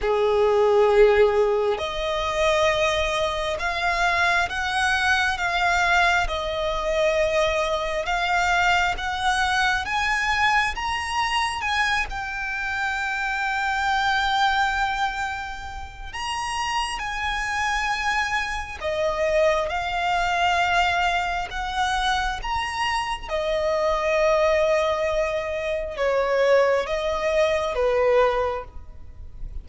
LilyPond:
\new Staff \with { instrumentName = "violin" } { \time 4/4 \tempo 4 = 67 gis'2 dis''2 | f''4 fis''4 f''4 dis''4~ | dis''4 f''4 fis''4 gis''4 | ais''4 gis''8 g''2~ g''8~ |
g''2 ais''4 gis''4~ | gis''4 dis''4 f''2 | fis''4 ais''4 dis''2~ | dis''4 cis''4 dis''4 b'4 | }